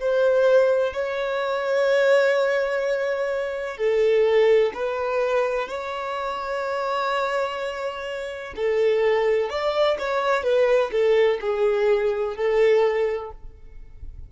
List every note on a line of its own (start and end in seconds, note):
0.00 0.93 C5
0.93 3.77 C#5
3.77 4.72 A4
4.74 5.68 B4
5.68 8.54 C#5
8.56 9.49 A4
9.49 9.97 D5
9.99 10.43 C#5
10.43 10.91 B4
10.91 11.39 A4
11.41 12.36 G#4
12.36 13.31 A4